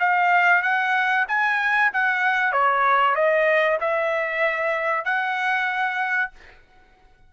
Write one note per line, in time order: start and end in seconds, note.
0.00 0.63 F5
0.63 1.26 F#5
1.29 1.92 G#5
1.93 2.53 F#5
2.53 3.16 C#5
3.16 3.79 D#5
3.81 5.05 E5
5.05 6.32 F#5